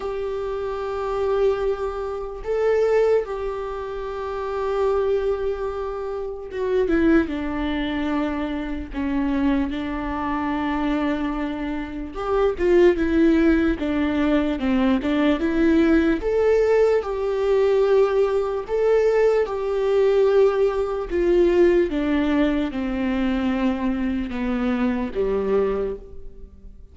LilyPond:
\new Staff \with { instrumentName = "viola" } { \time 4/4 \tempo 4 = 74 g'2. a'4 | g'1 | fis'8 e'8 d'2 cis'4 | d'2. g'8 f'8 |
e'4 d'4 c'8 d'8 e'4 | a'4 g'2 a'4 | g'2 f'4 d'4 | c'2 b4 g4 | }